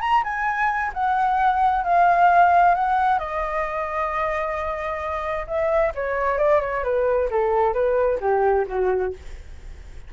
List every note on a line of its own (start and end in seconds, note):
0.00 0.23 A#5
0.23 0.91 G#5
0.93 1.83 F#5
1.83 2.74 F5
2.74 3.19 F#5
3.19 5.46 D#5
5.47 5.92 E5
5.94 6.38 C#5
6.38 6.60 D5
6.61 6.83 C#5
6.83 7.29 B4
7.30 7.73 A4
7.73 8.18 B4
8.20 8.65 G4
8.67 9.13 F#4